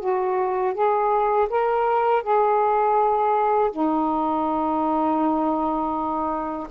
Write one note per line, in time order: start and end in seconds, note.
0.00 0.74 F#4
0.74 1.48 G#4
1.49 2.23 A#4
2.23 3.71 G#4
3.71 6.67 D#4